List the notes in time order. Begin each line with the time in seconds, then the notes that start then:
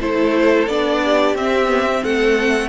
0.00 A3 E4 A4 C5
0.67 B3 D4 D5
1.04 G4
1.34 C4 E5
1.67 B3
1.85 C4
2.03 A3 A4 F#5